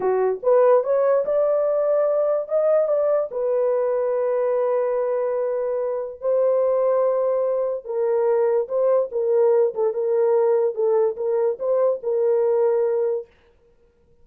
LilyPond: \new Staff \with { instrumentName = "horn" } { \time 4/4 \tempo 4 = 145 fis'4 b'4 cis''4 d''4~ | d''2 dis''4 d''4 | b'1~ | b'2. c''4~ |
c''2. ais'4~ | ais'4 c''4 ais'4. a'8 | ais'2 a'4 ais'4 | c''4 ais'2. | }